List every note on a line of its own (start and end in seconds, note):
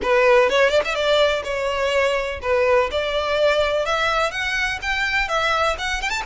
0.02 0.49 B4
0.49 0.69 C#5
0.69 0.81 D5
0.84 0.94 E5
0.94 1.42 D5
1.44 2.40 C#5
2.41 2.89 B4
2.91 3.85 D5
3.85 4.31 E5
4.31 4.79 F#5
4.82 5.28 G5
5.28 5.76 E5
5.78 6.01 F#5
6.01 6.10 G5
6.10 6.22 A5